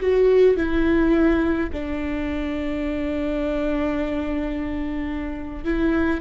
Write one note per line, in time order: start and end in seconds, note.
0.00 0.57 F#4
0.57 1.70 E4
1.72 5.64 D4
5.64 6.21 E4